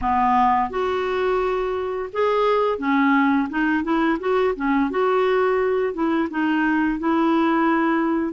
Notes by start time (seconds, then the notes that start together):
0.01 B3
0.70 F#4
2.12 G#4
2.78 C#4
3.49 D#4
3.83 E4
4.19 F#4
4.55 C#4
4.90 F#4
5.93 E4
6.30 D#4
6.99 E4